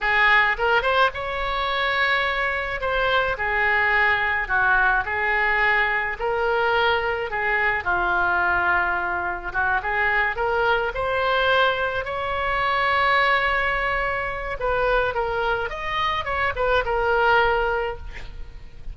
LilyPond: \new Staff \with { instrumentName = "oboe" } { \time 4/4 \tempo 4 = 107 gis'4 ais'8 c''8 cis''2~ | cis''4 c''4 gis'2 | fis'4 gis'2 ais'4~ | ais'4 gis'4 f'2~ |
f'4 fis'8 gis'4 ais'4 c''8~ | c''4. cis''2~ cis''8~ | cis''2 b'4 ais'4 | dis''4 cis''8 b'8 ais'2 | }